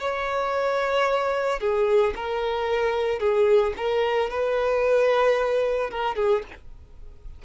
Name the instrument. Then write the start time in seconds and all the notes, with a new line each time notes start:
violin
0.00 C#5
1.60 G#4
2.16 A#4
3.19 G#4
3.77 A#4
4.30 B4
5.90 A#4
6.16 G#4